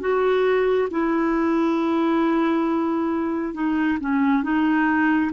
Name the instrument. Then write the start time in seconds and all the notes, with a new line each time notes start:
clarinet
0.00 F#4
0.90 E4
3.54 D#4
4.00 C#4
4.43 D#4